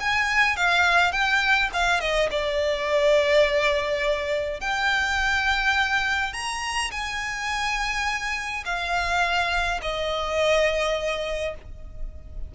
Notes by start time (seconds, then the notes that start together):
0.00 G#5
0.56 F5
1.12 G5
1.73 F5
2.00 D#5
2.31 D5
4.60 G5
6.33 A#5
6.91 G#5
8.65 F5
9.82 D#5